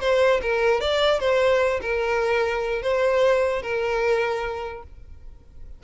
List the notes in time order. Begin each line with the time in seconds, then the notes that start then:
0.00 C5
0.42 A#4
0.81 D5
1.19 C5
1.81 A#4
2.82 C5
3.62 A#4